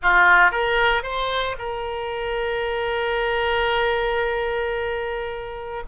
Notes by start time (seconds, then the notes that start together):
0.02 F4
0.51 A#4
1.02 C5
1.58 A#4